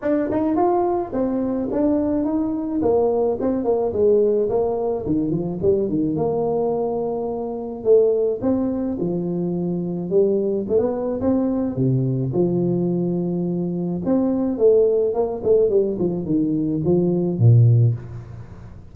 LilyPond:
\new Staff \with { instrumentName = "tuba" } { \time 4/4 \tempo 4 = 107 d'8 dis'8 f'4 c'4 d'4 | dis'4 ais4 c'8 ais8 gis4 | ais4 dis8 f8 g8 dis8 ais4~ | ais2 a4 c'4 |
f2 g4 a16 b8. | c'4 c4 f2~ | f4 c'4 a4 ais8 a8 | g8 f8 dis4 f4 ais,4 | }